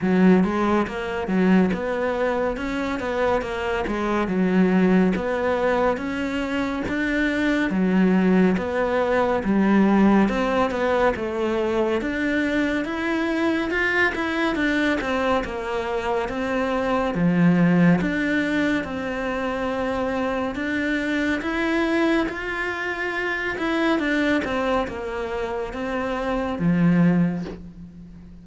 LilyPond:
\new Staff \with { instrumentName = "cello" } { \time 4/4 \tempo 4 = 70 fis8 gis8 ais8 fis8 b4 cis'8 b8 | ais8 gis8 fis4 b4 cis'4 | d'4 fis4 b4 g4 | c'8 b8 a4 d'4 e'4 |
f'8 e'8 d'8 c'8 ais4 c'4 | f4 d'4 c'2 | d'4 e'4 f'4. e'8 | d'8 c'8 ais4 c'4 f4 | }